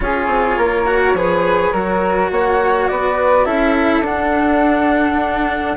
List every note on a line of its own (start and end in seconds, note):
0.00 0.27 C#4
0.00 0.86 F4
0.00 0.58 G#4
0.00 2.31 C#5
0.27 0.56 C4
0.57 1.14 A#3
0.57 1.16 A#4
0.86 1.14 F#4
1.14 1.71 F3
1.14 1.73 G#4
1.14 1.72 B4
1.72 2.30 F#3
1.72 3.45 F#4
1.72 2.30 A#4
2.31 2.88 A#3
2.31 2.90 C#5
2.31 2.88 F#5
2.88 3.45 B3
2.88 3.45 B4
2.88 3.45 D5
3.45 4.00 C#4
3.45 4.03 E4
3.45 5.76 A4
3.45 4.03 E5
4.00 5.73 D4
4.00 5.77 D4
4.00 5.77 F#5